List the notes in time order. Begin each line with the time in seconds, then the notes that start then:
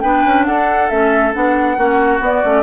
0.00 B3 D4 B4 G5
0.25 C#4
0.45 D4 A4 F#5
0.88 A3 C#4 E5
1.33 B3 D4 F#5
1.77 A#3 C#4 F#4
2.20 B3 D5
2.42 A3 C#4